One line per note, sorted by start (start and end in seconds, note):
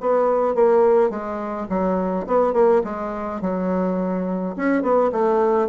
0.00 0.55 B3
0.55 1.10 A#3
1.10 1.67 G#3
1.69 2.26 F#3
2.26 2.53 B3
2.53 2.81 A#3
2.84 3.41 G#3
3.41 4.55 F#3
4.56 4.82 C#4
4.82 5.10 B3
5.12 5.68 A3